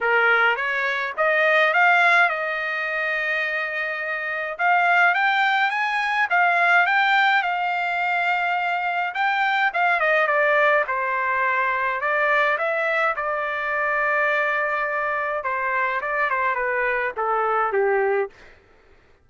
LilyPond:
\new Staff \with { instrumentName = "trumpet" } { \time 4/4 \tempo 4 = 105 ais'4 cis''4 dis''4 f''4 | dis''1 | f''4 g''4 gis''4 f''4 | g''4 f''2. |
g''4 f''8 dis''8 d''4 c''4~ | c''4 d''4 e''4 d''4~ | d''2. c''4 | d''8 c''8 b'4 a'4 g'4 | }